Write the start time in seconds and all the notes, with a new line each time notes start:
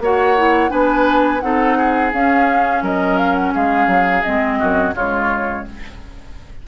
0.00 A#3 F#4 C#5 F#5
0.37 E4
0.69 B3 D4 B4 G#5
1.41 C4 D#4 A4 F#5
1.77 G#4
2.13 C#4 F5
2.82 F#3 A#4 D#5
3.17 F5
3.35 F#5
3.54 G#3 G#4 F5
3.87 F#3
4.23 G#3 C4 D#5
4.59 F#2 F#4
4.94 C#3 G#3 F4 C#5